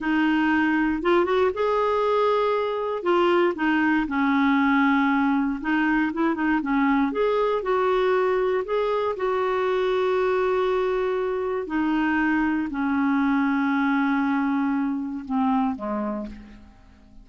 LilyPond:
\new Staff \with { instrumentName = "clarinet" } { \time 4/4 \tempo 4 = 118 dis'2 f'8 fis'8 gis'4~ | gis'2 f'4 dis'4 | cis'2. dis'4 | e'8 dis'8 cis'4 gis'4 fis'4~ |
fis'4 gis'4 fis'2~ | fis'2. dis'4~ | dis'4 cis'2.~ | cis'2 c'4 gis4 | }